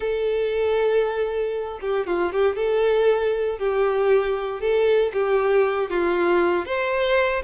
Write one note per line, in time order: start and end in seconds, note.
0.00 1.79 A4
1.81 2.07 G4
2.07 2.32 F4
2.32 2.55 G4
2.55 3.58 A4
3.58 4.60 G4
4.60 5.12 A4
5.13 5.90 G4
5.90 6.65 F4
6.65 7.42 C5